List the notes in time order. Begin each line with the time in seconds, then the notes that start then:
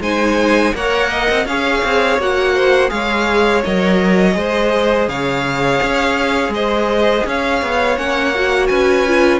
0.00 G#3 D#4 C5 G#5
0.74 A#3 A#4 C#5 F#5
1.09 D#5
1.30 C4
1.45 C#4 G#4 C#5 F5
1.84 C4
2.18 A#3 F#4 F#5
2.54 C5
2.88 G#3 G#4 C#5 F5
3.64 F#3 A#4 D#5
4.32 G#3 G#4 C5
5.08 C#3 C#5 F5
5.83 C#4
6.48 G#3 D#5
6.54 C5
7.26 C#4 C#5 F5
7.62 B3
7.97 A#3 C#4 F#5
8.35 F#4
8.67 C#4 B4 G#5
9.07 F4